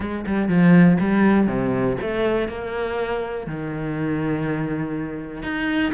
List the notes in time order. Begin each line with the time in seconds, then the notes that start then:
0.00 G#3
0.26 G3
0.48 F3
1.00 G3
1.47 C3
2.01 A3
2.48 A#3
3.46 D#3
5.43 D#4